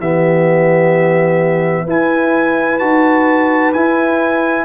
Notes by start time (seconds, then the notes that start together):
0.00 E3 B3 G4 E5
1.85 E4 B4 G#5
2.79 D#4 F#4 A5
3.74 E4 G#5